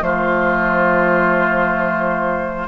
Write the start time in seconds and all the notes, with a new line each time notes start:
0.00 F3 A3 F4 C5